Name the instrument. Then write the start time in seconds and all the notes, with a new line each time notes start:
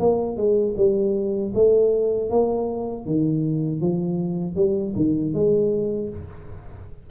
tuba
0.00 A#3
0.37 G#3
0.77 G3
1.55 A3
2.30 A#3
3.06 D#3
3.81 F3
4.56 G3
4.96 D#3
5.34 G#3